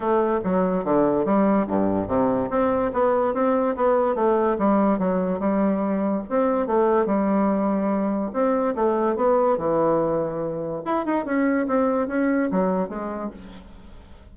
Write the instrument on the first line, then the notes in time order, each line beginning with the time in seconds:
bassoon
0.00 A3
0.44 F#3
0.84 D3
1.25 G3
1.67 G2
2.07 C3
2.49 C4
2.93 B3
3.34 C4
3.76 B3
4.15 A3
4.58 G3
4.98 F#3
5.39 G3
6.29 C4
6.67 A3
7.06 G3
8.33 C4
8.75 A3
9.16 B3
9.57 E3
10.85 E4
11.05 D#4
11.25 C#4
11.67 C4
12.07 C#4
12.51 F#3
12.88 G#3